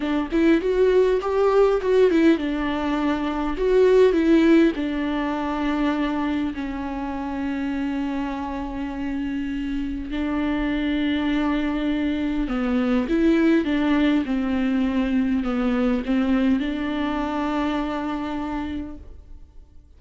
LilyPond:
\new Staff \with { instrumentName = "viola" } { \time 4/4 \tempo 4 = 101 d'8 e'8 fis'4 g'4 fis'8 e'8 | d'2 fis'4 e'4 | d'2. cis'4~ | cis'1~ |
cis'4 d'2.~ | d'4 b4 e'4 d'4 | c'2 b4 c'4 | d'1 | }